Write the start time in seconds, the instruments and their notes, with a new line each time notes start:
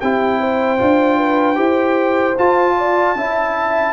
0.00 tuba C4, trombone E4, horn G4, trumpet G5
0.39 horn C5
0.78 tuba D4, trombone F4
1.17 horn B4
1.55 tuba E4, trombone G4, horn C5
2.37 trombone F4, tuba F4, trumpet A5
2.76 horn D5
3.15 tuba C#4, trombone E4, horn E5